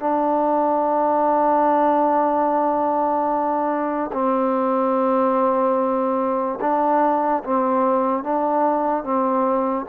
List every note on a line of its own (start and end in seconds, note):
0.00 4.11 D4
4.13 6.59 C4
6.61 7.43 D4
7.44 8.24 C4
8.24 9.04 D4
9.04 9.86 C4